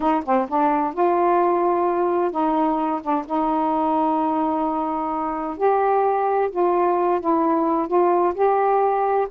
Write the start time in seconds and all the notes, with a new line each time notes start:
0.00 D#4
0.24 C4
0.48 D4
0.93 F4
2.31 D#4
3.02 D4
3.26 D#4
5.57 G4
6.50 F4
7.20 E4
7.87 F4
8.34 G4